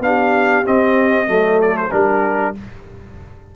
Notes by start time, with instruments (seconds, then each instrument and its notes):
0.00 tuba B3, trombone D4, trumpet F5
0.06 horn G4
0.64 trombone C4, tuba C4, trumpet D#5
1.27 tuba F#3, trombone A3, horn A4
1.62 trumpet D5
1.77 trumpet C5
1.91 tuba G3, trombone D4, horn G4, trumpet A#4